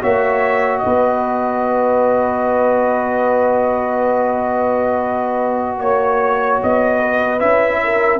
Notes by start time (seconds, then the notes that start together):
0.00 A#3 F#4 C#5 E5
0.78 D#5
0.84 B3 B4
5.79 A#3 C#5
6.62 B3 D#5
6.99 B4
7.39 C#4 E4 E5
7.83 A#4